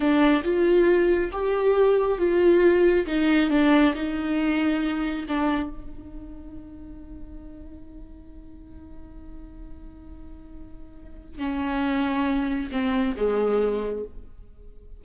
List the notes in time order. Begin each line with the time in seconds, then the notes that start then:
0.00 D4
0.43 F4
1.32 G4
2.18 F4
3.06 D#4
3.50 D4
3.94 D#4
5.28 D4
5.69 D#4
11.38 C#4
12.71 C4
13.16 G#3